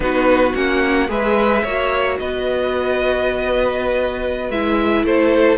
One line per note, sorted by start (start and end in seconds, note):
0.00 0.53 B3
0.00 0.52 D#4
0.00 1.10 F#4
0.00 0.55 B4
0.54 1.09 A#3
0.54 1.08 C#4
0.54 1.10 F#5
1.08 1.63 G#3
1.08 1.62 G#4
1.08 1.63 B4
1.08 2.19 E5
1.63 2.19 A#3
1.63 4.52 F#4
1.63 2.17 C#5
2.19 4.50 B3
2.19 5.05 B4
2.19 4.50 D#5
4.50 5.03 G#3
4.50 5.57 E4
4.50 5.05 E5
5.03 5.57 A3
5.03 5.57 A4
5.03 5.57 C5